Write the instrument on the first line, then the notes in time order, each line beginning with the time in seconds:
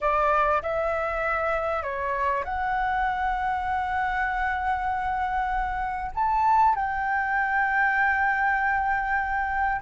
flute
0.00 D5
0.62 E5
1.82 C#5
2.44 F#5
6.14 A5
6.75 G5